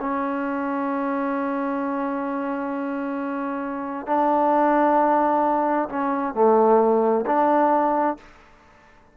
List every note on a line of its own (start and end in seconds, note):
0.00 4.07 C#4
4.07 5.89 D4
5.89 6.34 C#4
6.34 7.25 A3
7.26 8.17 D4